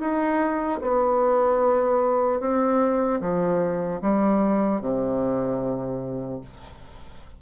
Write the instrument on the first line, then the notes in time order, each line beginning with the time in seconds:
bassoon
0.00 D#4
0.82 B3
2.41 C4
3.21 F3
4.02 G3
4.81 C3